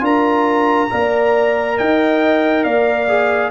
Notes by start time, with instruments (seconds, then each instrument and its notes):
0.00 tuba D4, trombone F4, horn A#4, trumpet A#5
0.90 tuba A#3, trombone A#4, horn D5
1.78 tuba D#4, horn D#5, trumpet G5
2.64 tuba A#3, horn D5, trumpet F5
3.08 trombone G#4